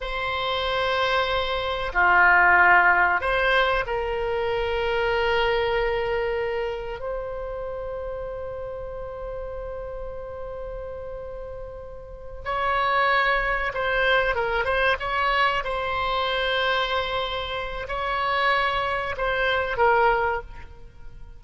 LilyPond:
\new Staff \with { instrumentName = "oboe" } { \time 4/4 \tempo 4 = 94 c''2. f'4~ | f'4 c''4 ais'2~ | ais'2. c''4~ | c''1~ |
c''2.~ c''8 cis''8~ | cis''4. c''4 ais'8 c''8 cis''8~ | cis''8 c''2.~ c''8 | cis''2 c''4 ais'4 | }